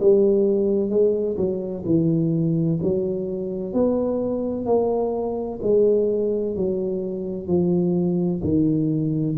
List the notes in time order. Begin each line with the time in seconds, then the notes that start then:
0.00 G3
0.89 G#3
1.37 F#3
1.85 E3
2.83 F#3
3.73 B3
4.65 A#3
5.62 G#3
6.55 F#3
7.47 F3
8.43 D#3